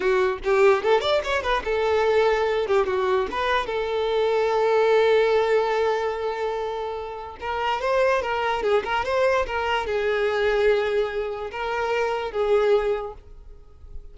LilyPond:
\new Staff \with { instrumentName = "violin" } { \time 4/4 \tempo 4 = 146 fis'4 g'4 a'8 d''8 cis''8 b'8 | a'2~ a'8 g'8 fis'4 | b'4 a'2.~ | a'1~ |
a'2 ais'4 c''4 | ais'4 gis'8 ais'8 c''4 ais'4 | gis'1 | ais'2 gis'2 | }